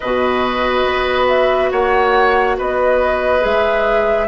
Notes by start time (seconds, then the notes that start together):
0.00 B2 F#4 B4 D#5
0.85 B3
1.28 E5
1.71 A#3 C#5 F#5
2.57 B3 B4 D#5
3.40 G#3 G#4 E5